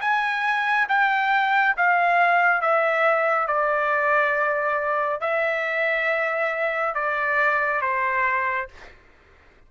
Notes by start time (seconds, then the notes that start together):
0.00 G#5
0.88 G5
1.77 F5
2.61 E5
3.47 D5
5.20 E5
6.94 D5
7.81 C5